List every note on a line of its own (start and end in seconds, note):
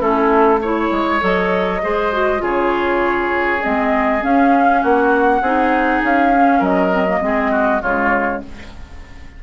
0.00 0.91 A3
0.00 0.60 C#4
0.00 0.61 E4
0.00 0.62 A4
0.62 1.20 E4
0.62 1.82 C#5
0.62 1.24 C#5
0.92 1.22 G#3
1.20 1.83 F#3
1.20 1.80 A4
1.20 2.44 D#5
1.83 2.42 G#3
1.83 2.13 G#4
1.83 2.43 C5
2.13 2.39 F#4
2.39 3.62 C#3
2.39 3.59 F4
2.39 4.82 G#4
2.45 3.63 C#5
3.63 4.24 G#3
3.63 4.22 C4
3.63 4.23 D#5
4.22 5.42 C#4
4.22 4.83 C#4
4.22 4.83 F5
4.82 5.42 A#3
4.82 5.42 F#4
4.82 6.03 F#5
5.42 6.02 C4
5.42 6.34 D#4
5.42 6.59 G#4
6.04 6.61 C#4
6.04 6.64 F5
6.34 6.91 C#4
6.59 7.21 F#3
6.59 7.19 A#4
6.59 7.83 D#5
6.91 7.06 C4
7.07 7.22 A#3
7.22 7.82 G#3
7.22 7.82 C4
7.22 7.52 G#4
7.52 7.82 F#4
7.82 8.44 C#3
7.82 8.44 G#3
7.82 8.42 F4
7.82 8.43 C#5